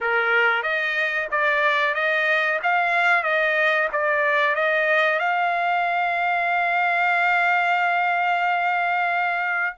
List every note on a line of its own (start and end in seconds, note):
0.00 0.62 A#4
0.62 1.27 D#5
1.31 1.94 D5
1.94 2.59 D#5
2.62 3.23 F5
3.23 3.88 D#5
3.92 4.55 D5
4.55 5.19 D#5
5.19 9.75 F5